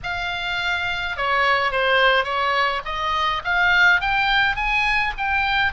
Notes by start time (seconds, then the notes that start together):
0.03 F5
1.17 C#5
1.71 C5
2.24 C#5
2.85 D#5
3.44 F5
4.00 G5
4.56 G#5
5.17 G5